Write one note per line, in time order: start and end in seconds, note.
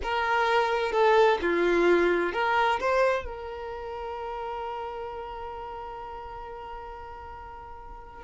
0.03 0.92 A#4
0.92 1.38 A4
1.41 2.33 F4
2.33 2.79 A#4
2.80 3.24 C5
3.24 8.23 A#4